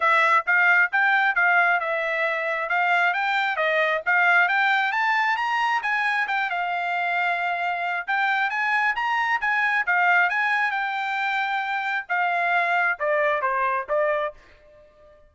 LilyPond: \new Staff \with { instrumentName = "trumpet" } { \time 4/4 \tempo 4 = 134 e''4 f''4 g''4 f''4 | e''2 f''4 g''4 | dis''4 f''4 g''4 a''4 | ais''4 gis''4 g''8 f''4.~ |
f''2 g''4 gis''4 | ais''4 gis''4 f''4 gis''4 | g''2. f''4~ | f''4 d''4 c''4 d''4 | }